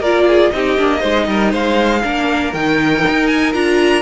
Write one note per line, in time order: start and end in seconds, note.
0.00 0.51 A#3
0.00 0.54 F4
0.00 0.25 A#4
0.00 0.52 D5
0.28 0.53 G#4
0.52 0.78 C4
0.52 0.79 D#4
0.52 1.00 G4
0.52 1.52 D#5
0.79 1.04 A#3
0.79 1.00 D4
1.00 1.28 G#3
1.00 2.01 D#4
1.00 1.25 C5
1.28 1.53 G3
1.28 1.51 A#4
1.51 2.04 G#3
1.51 2.02 C5
1.51 2.54 F5
2.04 2.54 A#3
2.04 2.54 D4
2.04 4.02 A#4
2.54 3.04 D#3
2.54 3.53 D#4
2.54 3.27 G5
3.09 3.55 D#4
3.27 3.52 G#5
3.53 4.02 D4
3.53 4.02 F4
3.53 4.02 A#5